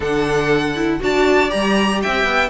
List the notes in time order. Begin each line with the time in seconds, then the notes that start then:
0.00 D3 D4 A4 F#5
0.75 E4
1.00 D4 F#4 D5 A5
1.48 G3 G4 A#5
2.02 C4 E5 G5
2.24 B3